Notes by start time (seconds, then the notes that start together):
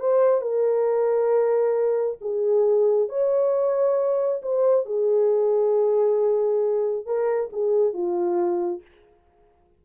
0.00 C5
0.42 A#4
2.22 G#4
3.09 C#5
4.43 C5
4.86 G#4
7.06 A#4
7.53 G#4
7.94 F4